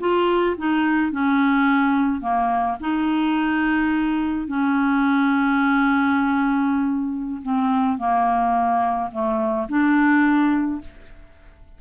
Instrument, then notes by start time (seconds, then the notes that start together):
clarinet
0.00 F4
0.58 D#4
1.12 C#4
2.21 A#3
2.80 D#4
4.48 C#4
7.43 C4
7.98 A#3
9.12 A3
9.69 D4